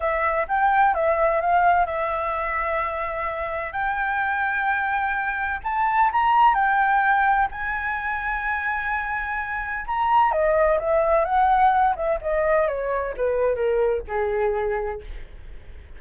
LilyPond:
\new Staff \with { instrumentName = "flute" } { \time 4/4 \tempo 4 = 128 e''4 g''4 e''4 f''4 | e''1 | g''1 | a''4 ais''4 g''2 |
gis''1~ | gis''4 ais''4 dis''4 e''4 | fis''4. e''8 dis''4 cis''4 | b'4 ais'4 gis'2 | }